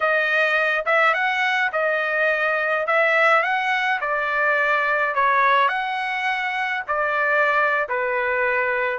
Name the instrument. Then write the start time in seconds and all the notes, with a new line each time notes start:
trumpet
0.00 D#5
0.85 E5
1.14 F#5
1.72 D#5
2.86 E5
3.42 F#5
4.00 D5
5.14 C#5
5.68 F#5
6.87 D5
7.89 B4